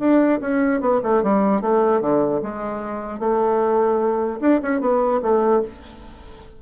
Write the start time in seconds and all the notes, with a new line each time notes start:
0.00 D4
0.41 C#4
0.81 B3
1.04 A3
1.23 G3
1.62 A3
2.02 D3
2.43 G#3
3.20 A3
4.41 D4
4.63 C#4
4.81 B3
5.23 A3